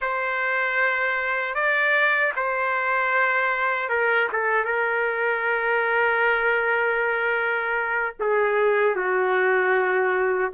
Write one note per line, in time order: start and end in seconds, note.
0.01 1.54 C5
1.54 2.32 D5
2.36 3.89 C5
3.89 4.28 A#4
4.32 4.64 A4
4.64 8.15 A#4
8.19 8.95 G#4
8.95 10.51 F#4